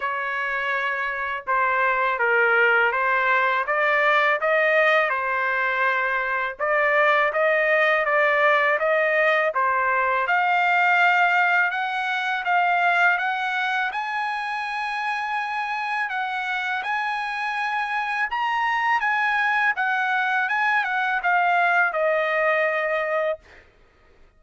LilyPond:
\new Staff \with { instrumentName = "trumpet" } { \time 4/4 \tempo 4 = 82 cis''2 c''4 ais'4 | c''4 d''4 dis''4 c''4~ | c''4 d''4 dis''4 d''4 | dis''4 c''4 f''2 |
fis''4 f''4 fis''4 gis''4~ | gis''2 fis''4 gis''4~ | gis''4 ais''4 gis''4 fis''4 | gis''8 fis''8 f''4 dis''2 | }